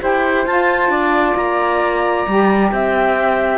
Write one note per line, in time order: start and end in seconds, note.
0.00 0.47 E4
0.00 0.45 G4
0.00 0.91 C5
0.00 0.47 G5
0.47 0.89 F4
0.47 2.27 F4
0.47 1.36 A5
0.89 1.34 D4
0.89 2.71 D5
1.36 2.26 A#3
1.36 2.71 A#5
2.27 2.72 G3
2.27 3.58 G4
2.71 3.58 C4
2.71 3.58 E5
2.71 3.58 G5